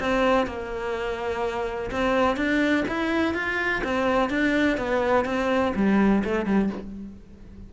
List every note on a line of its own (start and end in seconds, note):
0.00 0.47 C4
0.47 1.91 A#3
1.91 2.37 C4
2.37 2.85 D4
2.88 3.34 E4
3.34 3.82 F4
3.84 4.30 C4
4.30 4.78 D4
4.78 5.25 B3
5.25 5.73 C4
5.75 6.23 G3
6.24 6.46 A3
6.46 6.70 G3